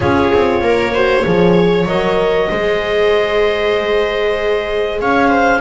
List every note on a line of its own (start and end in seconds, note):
0.00 0.32 C#4
0.00 0.93 F4
0.00 0.61 G#4
0.00 1.87 C#5
0.33 0.61 C4
0.61 1.24 A#3
0.61 0.93 A#4
0.93 1.24 F#4
0.93 1.24 C5
1.24 1.86 F3
1.24 1.87 G#4
1.24 2.49 C#5
1.86 2.48 F#3
1.86 2.50 A#4
1.86 5.00 D#5
2.49 5.01 G#3
2.49 5.61 G#4
2.49 4.99 C5
5.00 5.61 C#4
5.00 5.28 C#5
5.00 5.61 F5
5.28 5.59 C5